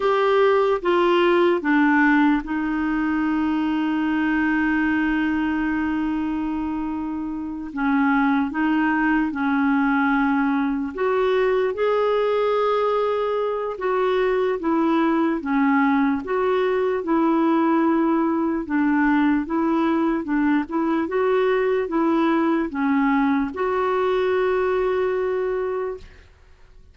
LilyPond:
\new Staff \with { instrumentName = "clarinet" } { \time 4/4 \tempo 4 = 74 g'4 f'4 d'4 dis'4~ | dis'1~ | dis'4. cis'4 dis'4 cis'8~ | cis'4. fis'4 gis'4.~ |
gis'4 fis'4 e'4 cis'4 | fis'4 e'2 d'4 | e'4 d'8 e'8 fis'4 e'4 | cis'4 fis'2. | }